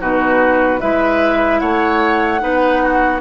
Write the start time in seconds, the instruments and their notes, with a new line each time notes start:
0.00 bassoon B2, clarinet D#4, oboe F#4, flute B4
0.80 bassoon G#3, clarinet E4, oboe B4, flute E5
1.60 bassoon A3, oboe C#5, flute F#5
2.39 bassoon B3, clarinet D#4, oboe B4
2.83 oboe F#4